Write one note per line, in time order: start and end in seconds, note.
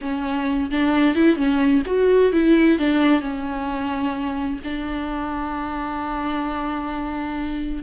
0.01 0.70 C#4
0.70 1.15 D4
1.15 1.36 E4
1.36 1.82 C#4
1.86 2.32 F#4
2.32 2.78 E4
2.79 3.21 D4
3.21 4.59 C#4
4.64 7.83 D4